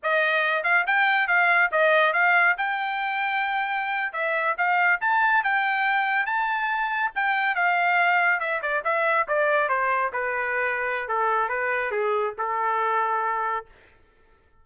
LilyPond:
\new Staff \with { instrumentName = "trumpet" } { \time 4/4 \tempo 4 = 141 dis''4. f''8 g''4 f''4 | dis''4 f''4 g''2~ | g''4.~ g''16 e''4 f''4 a''16~ | a''8. g''2 a''4~ a''16~ |
a''8. g''4 f''2 e''16~ | e''16 d''8 e''4 d''4 c''4 b'16~ | b'2 a'4 b'4 | gis'4 a'2. | }